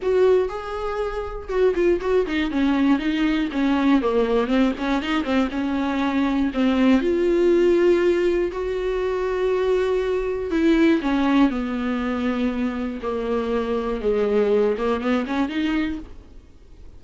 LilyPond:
\new Staff \with { instrumentName = "viola" } { \time 4/4 \tempo 4 = 120 fis'4 gis'2 fis'8 f'8 | fis'8 dis'8 cis'4 dis'4 cis'4 | ais4 c'8 cis'8 dis'8 c'8 cis'4~ | cis'4 c'4 f'2~ |
f'4 fis'2.~ | fis'4 e'4 cis'4 b4~ | b2 ais2 | gis4. ais8 b8 cis'8 dis'4 | }